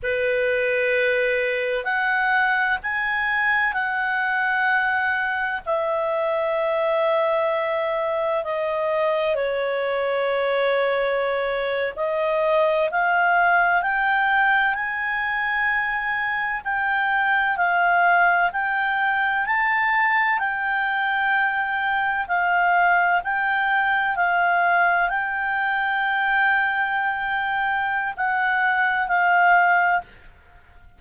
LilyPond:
\new Staff \with { instrumentName = "clarinet" } { \time 4/4 \tempo 4 = 64 b'2 fis''4 gis''4 | fis''2 e''2~ | e''4 dis''4 cis''2~ | cis''8. dis''4 f''4 g''4 gis''16~ |
gis''4.~ gis''16 g''4 f''4 g''16~ | g''8. a''4 g''2 f''16~ | f''8. g''4 f''4 g''4~ g''16~ | g''2 fis''4 f''4 | }